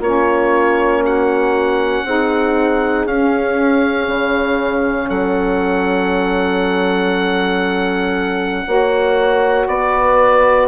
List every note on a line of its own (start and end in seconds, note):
0.00 2.03 A#3
0.00 2.07 C#4
0.00 1.03 F4
0.00 1.05 C#5
1.05 2.07 F#4
1.05 3.07 F#5
2.05 3.06 C4
2.05 3.09 D#4
2.05 5.09 G#4
3.06 4.08 C#4
3.06 8.68 C#4
3.06 5.10 F5
4.08 5.10 C#3
5.09 8.66 F#3
5.09 8.65 A4
5.09 9.67 F#5
8.67 9.67 A#3
8.67 10.68 F#4
8.67 9.69 C#5
9.67 10.68 B3
9.67 10.68 B4
9.67 10.68 D5